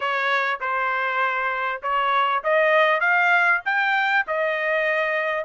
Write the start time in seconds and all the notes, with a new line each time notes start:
0.00 C#5
0.60 C5
1.82 C#5
2.43 D#5
3.00 F5
3.65 G5
4.27 D#5